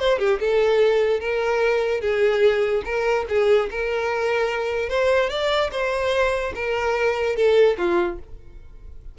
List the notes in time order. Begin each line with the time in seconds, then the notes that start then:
0.00 C5
0.19 G4
0.40 A4
1.20 A#4
2.01 G#4
2.85 A#4
3.29 G#4
3.71 A#4
4.89 C5
5.30 D5
5.72 C5
6.55 A#4
7.36 A4
7.78 F4